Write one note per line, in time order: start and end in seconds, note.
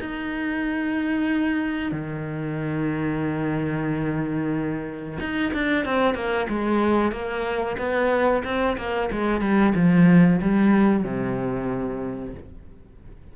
0.00 1.92 D#4
1.92 5.18 D#3
5.19 5.52 D#4
5.53 5.85 D4
5.85 6.14 C4
6.14 6.47 A#3
6.49 7.12 G#3
7.12 7.77 A#3
7.78 8.43 B3
8.44 8.77 C4
8.77 9.10 A#3
9.11 9.41 G#3
9.41 9.73 G3
9.75 10.40 F3
10.41 11.04 G3
11.04 12.34 C3